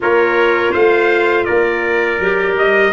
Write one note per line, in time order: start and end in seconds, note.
0.00 0.74 A#3
0.00 2.19 F4
0.00 0.71 A#4
0.00 0.73 C#5
0.71 1.47 A3
0.71 1.45 C5
0.71 1.45 F5
1.45 2.19 A#3
1.45 2.93 A#4
1.45 2.54 D5
2.19 2.55 F#3
2.19 2.93 G4
2.55 2.91 G3
2.55 2.93 D#5